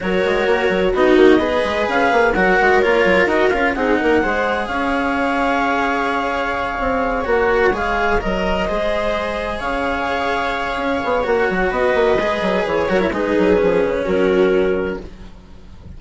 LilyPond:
<<
  \new Staff \with { instrumentName = "clarinet" } { \time 4/4 \tempo 4 = 128 cis''2 dis''2 | f''4 fis''4 cis''4 dis''8 f''8 | fis''2 f''2~ | f''2.~ f''8 fis''8~ |
fis''8 f''4 dis''2~ dis''8~ | dis''8 f''2.~ f''8 | fis''4 dis''2 cis''4 | b'2 ais'2 | }
  \new Staff \with { instrumentName = "viola" } { \time 4/4 ais'2 fis'4 b'4~ | b'4 ais'2. | gis'8 ais'8 c''4 cis''2~ | cis''1~ |
cis''2~ cis''8 c''4.~ | c''8 cis''2.~ cis''8~ | cis''4 b'2~ b'8 ais'8 | gis'2 fis'2 | }
  \new Staff \with { instrumentName = "cello" } { \time 4/4 fis'2 dis'4 gis'4~ | gis'4 fis'4 f'4 fis'8 f'8 | dis'4 gis'2.~ | gis'2.~ gis'8 fis'8~ |
fis'8 gis'4 ais'4 gis'4.~ | gis'1 | fis'2 gis'4. fis'16 e'16 | dis'4 cis'2. | }
  \new Staff \with { instrumentName = "bassoon" } { \time 4/4 fis8 gis8 ais8 fis8 b8 ais8 b8 gis8 | cis'8 ais8 fis8 gis8 ais8 fis8 dis'8 cis'8 | c'8 ais8 gis4 cis'2~ | cis'2~ cis'8 c'4 ais8~ |
ais8 gis4 fis4 gis4.~ | gis8 cis2~ cis8 cis'8 b8 | ais8 fis8 b8 ais8 gis8 fis8 e8 fis8 | gis8 fis8 f8 cis8 fis2 | }
>>